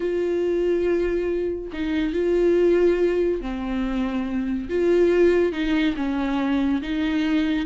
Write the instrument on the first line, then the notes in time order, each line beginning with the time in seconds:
viola
0.00 F4
1.72 D#4
2.13 F4
3.41 C4
4.69 F4
5.52 D#4
5.96 C#4
6.81 D#4